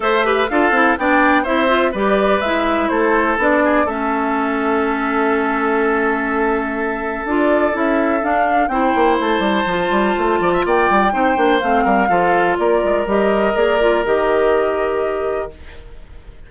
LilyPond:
<<
  \new Staff \with { instrumentName = "flute" } { \time 4/4 \tempo 4 = 124 e''4 f''4 g''4 e''4 | d''4 e''4 c''4 d''4 | e''1~ | e''2. d''4 |
e''4 f''4 g''4 a''4~ | a''2 g''2 | f''2 d''4 dis''4 | d''4 dis''2. | }
  \new Staff \with { instrumentName = "oboe" } { \time 4/4 c''8 b'8 a'4 d''4 c''4 | b'2 a'4. gis'8 | a'1~ | a'1~ |
a'2 c''2~ | c''4. d''16 e''16 d''4 c''4~ | c''8 ais'8 a'4 ais'2~ | ais'1 | }
  \new Staff \with { instrumentName = "clarinet" } { \time 4/4 a'8 g'8 f'8 e'8 d'4 e'8 f'8 | g'4 e'2 d'4 | cis'1~ | cis'2. f'4 |
e'4 d'4 e'2 | f'2. dis'8 d'8 | c'4 f'2 g'4 | gis'8 f'8 g'2. | }
  \new Staff \with { instrumentName = "bassoon" } { \time 4/4 a4 d'8 c'8 b4 c'4 | g4 gis4 a4 b4 | a1~ | a2. d'4 |
cis'4 d'4 c'8 ais8 a8 g8 | f8 g8 a8 f8 ais8 g8 c'8 ais8 | a8 g8 f4 ais8 gis8 g4 | ais4 dis2. | }
>>